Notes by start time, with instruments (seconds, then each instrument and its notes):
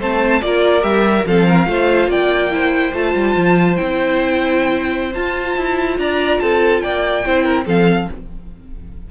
0.00 cello A3, viola C4, violin C5 A5
0.42 cello A#3, viola F4, violin A#4 D5
0.81 cello G3, viola G4, violin E5
1.26 cello F3, viola C4, violin A4 F5
1.47 violin A#4
1.67 cello A3, viola F4, violin C5
2.08 cello A#3, violin D5 G5
2.51 viola E4, violin C5
2.93 cello A3, viola F4, violin A5
3.15 cello G3
3.37 cello F3
3.77 cello C4, viola E4, violin G5
5.14 viola F4, cello F4, violin A5
5.57 cello E4
5.99 cello D4, violin D5 A#5
6.40 cello C4, violin A4 A5
6.81 cello A#3, violin D5 G5
7.25 cello C4, viola E4, violin C5
7.44 violin A#4
7.66 cello F3, viola C4, violin A4 F5